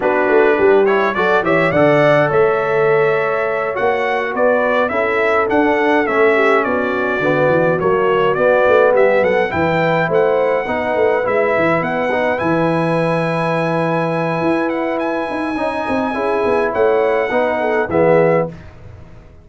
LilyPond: <<
  \new Staff \with { instrumentName = "trumpet" } { \time 4/4 \tempo 4 = 104 b'4. cis''8 d''8 e''8 fis''4 | e''2~ e''8 fis''4 d''8~ | d''8 e''4 fis''4 e''4 d''8~ | d''4. cis''4 d''4 e''8 |
fis''8 g''4 fis''2 e''8~ | e''8 fis''4 gis''2~ gis''8~ | gis''4. fis''8 gis''2~ | gis''4 fis''2 e''4 | }
  \new Staff \with { instrumentName = "horn" } { \time 4/4 fis'4 g'4 a'8 cis''8 d''4 | cis''2.~ cis''8 b'8~ | b'8 a'2~ a'8 g'8 fis'8~ | fis'2.~ fis'8 g'8 |
a'8 b'4 c''4 b'4.~ | b'1~ | b'2. dis''4 | gis'4 cis''4 b'8 a'8 gis'4 | }
  \new Staff \with { instrumentName = "trombone" } { \time 4/4 d'4. e'8 fis'8 g'8 a'4~ | a'2~ a'8 fis'4.~ | fis'8 e'4 d'4 cis'4.~ | cis'8 b4 ais4 b4.~ |
b8 e'2 dis'4 e'8~ | e'4 dis'8 e'2~ e'8~ | e'2. dis'4 | e'2 dis'4 b4 | }
  \new Staff \with { instrumentName = "tuba" } { \time 4/4 b8 a8 g4 fis8 e8 d4 | a2~ a8 ais4 b8~ | b8 cis'4 d'4 a4 b8~ | b8 d8 e8 fis4 b8 a8 g8 |
fis8 e4 a4 b8 a8 gis8 | e8 b4 e2~ e8~ | e4 e'4. dis'8 cis'8 c'8 | cis'8 b8 a4 b4 e4 | }
>>